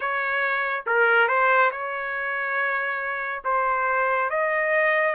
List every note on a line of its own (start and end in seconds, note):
0.00 0.83 C#5
0.86 1.27 A#4
1.27 1.70 C5
1.71 3.42 C#5
3.44 4.29 C5
4.29 5.15 D#5